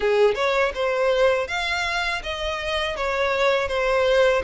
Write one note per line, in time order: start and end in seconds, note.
0.00 0.34 G#4
0.34 0.71 C#5
0.74 1.47 C5
1.47 2.22 F5
2.23 2.96 D#5
2.96 3.68 C#5
3.68 4.42 C5